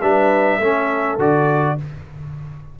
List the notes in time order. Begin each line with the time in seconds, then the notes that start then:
0.00 G3 D4 B4 E5
0.59 A3 C#4 A4
1.18 D3 F#4 D5